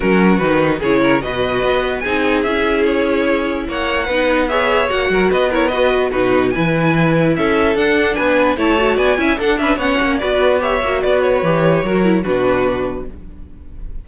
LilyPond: <<
  \new Staff \with { instrumentName = "violin" } { \time 4/4 \tempo 4 = 147 ais'4 b'4 cis''4 dis''4~ | dis''4 gis''4 e''4 cis''4~ | cis''4 fis''2 e''4 | fis''4 dis''8 cis''8 dis''4 b'4 |
gis''2 e''4 fis''4 | gis''4 a''4 gis''4 fis''8 e''8 | fis''4 d''4 e''4 d''8 cis''8~ | cis''2 b'2 | }
  \new Staff \with { instrumentName = "violin" } { \time 4/4 fis'2 gis'8 ais'8 b'4~ | b'4 gis'2.~ | gis'4 cis''4 b'4 cis''4~ | cis''8 ais'8 b'8 ais'8 b'4 fis'4 |
b'2 a'2 | b'4 cis''4 d''8 e''8 a'8 b'8 | cis''4 b'4 cis''4 b'4~ | b'4 ais'4 fis'2 | }
  \new Staff \with { instrumentName = "viola" } { \time 4/4 cis'4 dis'4 e'4 fis'4~ | fis'4 dis'4 e'2~ | e'2 dis'4 gis'4 | fis'4. e'8 fis'4 dis'4 |
e'2. d'4~ | d'4 e'8 fis'4 e'8 d'4 | cis'4 fis'4 g'8 fis'4. | g'4 fis'8 e'8 d'2 | }
  \new Staff \with { instrumentName = "cello" } { \time 4/4 fis4 dis4 cis4 b,4 | b4 c'4 cis'2~ | cis'4 ais4 b2 | ais8 fis8 b2 b,4 |
e2 cis'4 d'4 | b4 a4 b8 cis'8 d'8 cis'8 | b8 ais8 b4. ais8 b4 | e4 fis4 b,2 | }
>>